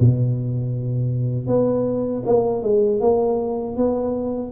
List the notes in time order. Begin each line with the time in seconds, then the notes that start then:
0.00 B2
1.47 B3
2.26 A#3
2.63 G#3
3.01 A#3
3.77 B3